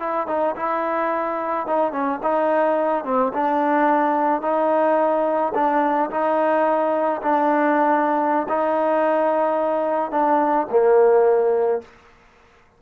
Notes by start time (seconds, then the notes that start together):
0.00 E4
0.28 D#4
0.56 E4
1.67 D#4
1.92 C#4
2.23 D#4
3.05 C4
3.34 D4
4.42 D#4
5.55 D4
6.11 D#4
7.22 D4
8.49 D#4
10.12 D4
10.71 A#3